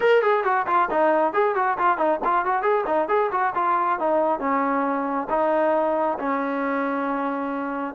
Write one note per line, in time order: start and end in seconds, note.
0.00 0.22 A#4
0.22 0.44 G#4
0.44 0.66 F#4
0.66 0.88 F4
0.90 1.33 D#4
1.33 1.55 G#4
1.55 1.77 F#4
1.78 1.97 F4
1.97 2.19 D#4
2.24 2.45 F4
2.45 2.62 F#4
2.62 2.84 G#4
2.86 3.08 D#4
3.08 3.30 G#4
3.31 3.53 F#4
3.55 3.99 F4
3.99 4.39 D#4
4.39 5.27 C#4
5.29 6.17 D#4
6.18 7.94 C#4